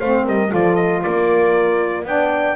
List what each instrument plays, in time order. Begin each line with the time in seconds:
0.00 double bass A3, saxophone C4, horn C5, trumpet F5
0.25 double bass G3, horn A#4, trumpet D#5
0.49 double bass F3, saxophone F4, horn A4, trumpet D5
0.76 trumpet D#5
1.03 double bass A#3, horn A#4, trumpet D5
2.05 double bass B3, saxophone D4, horn D5, trumpet G5